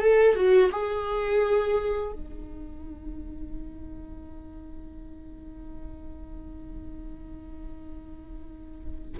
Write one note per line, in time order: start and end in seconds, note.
0.00 0.35 A4
0.35 0.71 F#4
0.72 2.12 G#4
2.12 9.18 D#4